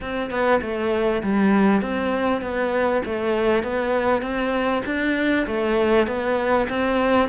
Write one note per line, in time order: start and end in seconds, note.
0.00 0.30 C4
0.30 0.61 B3
0.61 1.22 A3
1.22 1.81 G3
1.81 2.41 C4
2.41 3.02 B3
3.05 3.63 A3
3.63 4.21 B3
4.21 4.82 C4
4.85 5.46 D4
5.46 6.07 A3
6.07 6.67 B3
6.69 7.29 C4